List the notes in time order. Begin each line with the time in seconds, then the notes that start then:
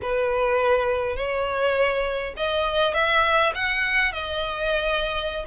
0.02 B4
1.16 C#5
2.37 D#5
2.94 E5
3.55 F#5
4.12 D#5